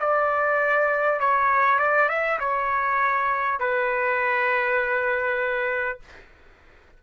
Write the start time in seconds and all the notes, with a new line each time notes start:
0.00 D5
1.21 C#5
1.79 D5
2.09 E5
2.39 C#5
3.60 B4